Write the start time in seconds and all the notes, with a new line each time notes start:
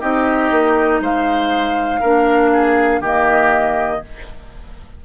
0.00 C4 D#4 G4 D#5
0.50 A#3
1.00 G#3 C5 F5
2.00 A#3 D4 A#4
2.52 G#4
3.00 D#3 A#3 G4 D#5